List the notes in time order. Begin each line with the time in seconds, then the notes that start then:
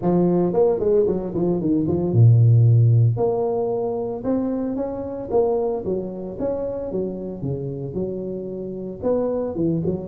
0.01 F3
0.53 A#3
0.79 G#3
1.07 F#3
1.34 F3
1.60 D#3
1.87 F3
2.12 A#2
3.16 A#3
4.23 C4
4.76 C#4
5.30 A#3
5.84 F#3
6.39 C#4
6.91 F#3
7.42 C#3
7.94 F#3
9.02 B3
9.55 E3
9.85 F#3